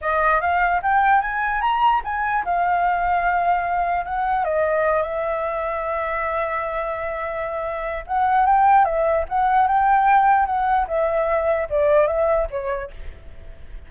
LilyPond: \new Staff \with { instrumentName = "flute" } { \time 4/4 \tempo 4 = 149 dis''4 f''4 g''4 gis''4 | ais''4 gis''4 f''2~ | f''2 fis''4 dis''4~ | dis''8 e''2.~ e''8~ |
e''1 | fis''4 g''4 e''4 fis''4 | g''2 fis''4 e''4~ | e''4 d''4 e''4 cis''4 | }